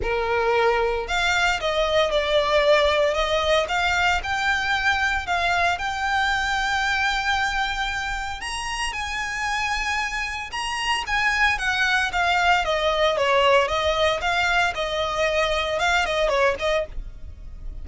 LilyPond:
\new Staff \with { instrumentName = "violin" } { \time 4/4 \tempo 4 = 114 ais'2 f''4 dis''4 | d''2 dis''4 f''4 | g''2 f''4 g''4~ | g''1 |
ais''4 gis''2. | ais''4 gis''4 fis''4 f''4 | dis''4 cis''4 dis''4 f''4 | dis''2 f''8 dis''8 cis''8 dis''8 | }